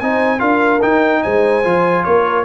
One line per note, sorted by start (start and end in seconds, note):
0.00 0.41 C4
0.00 0.39 D#4
0.00 0.39 C5
0.00 0.40 G#5
0.39 0.82 D4
0.39 0.80 F4
0.39 1.21 A#4
0.39 0.81 F5
0.82 1.64 D#4
0.82 1.24 D#4
0.82 1.23 G5
1.23 1.65 G#3
1.23 2.05 C5
1.23 2.04 G#5
1.64 2.06 F3
1.64 2.45 F4
2.04 2.45 A#3
2.04 2.45 A#4
2.04 2.45 C#5